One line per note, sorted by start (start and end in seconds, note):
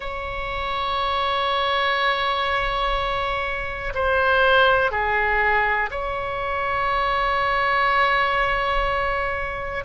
0.00 3.93 C#5
3.94 4.91 C5
4.91 5.89 G#4
5.91 9.84 C#5